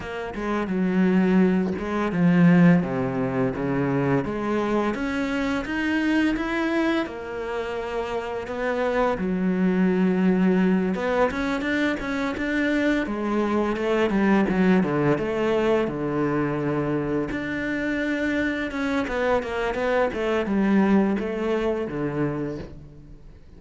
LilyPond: \new Staff \with { instrumentName = "cello" } { \time 4/4 \tempo 4 = 85 ais8 gis8 fis4. gis8 f4 | c4 cis4 gis4 cis'4 | dis'4 e'4 ais2 | b4 fis2~ fis8 b8 |
cis'8 d'8 cis'8 d'4 gis4 a8 | g8 fis8 d8 a4 d4.~ | d8 d'2 cis'8 b8 ais8 | b8 a8 g4 a4 d4 | }